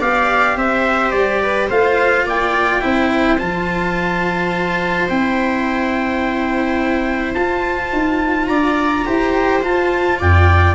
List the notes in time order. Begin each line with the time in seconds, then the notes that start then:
0.00 B3 G4 D5 F5
0.56 C4 C5 E5
1.12 G3 D5
1.42 B4
1.68 A3 F4 C5 F5
2.26 A#3 D5 G5
2.81 C4 E4 C5
3.39 F3 F4 A5
5.09 C4 E4 G5
7.34 F4 A5
7.93 D#4
8.47 D4 D5 A#5
9.06 E4 G4 C5
9.63 F4 A5
10.19 F2 D5 G5